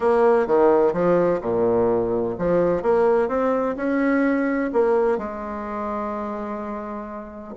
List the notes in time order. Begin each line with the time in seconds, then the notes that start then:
0.00 A#3
0.46 D#3
0.93 F3
1.41 A#2
2.38 F3
2.82 A#3
3.28 C4
3.76 C#4
4.72 A#3
5.18 G#3